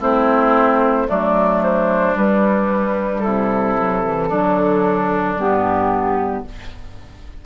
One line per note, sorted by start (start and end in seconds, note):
0.00 1.07 A3
0.00 1.08 C4
0.00 1.08 E4
0.00 1.09 C5
1.08 2.15 F#3
1.08 2.15 A3
1.08 3.23 D4
1.08 1.63 D5
1.63 2.17 C5
2.15 3.22 G3
2.15 3.77 G3
2.15 3.20 B4
3.20 4.31 C3
3.20 4.29 E4
3.20 5.34 A4
3.79 4.04 F#3
4.04 4.31 E3
4.29 5.36 D3
4.29 5.38 F#3
4.29 6.43 D4
5.36 6.43 G2
5.36 6.46 B3
5.36 6.46 G4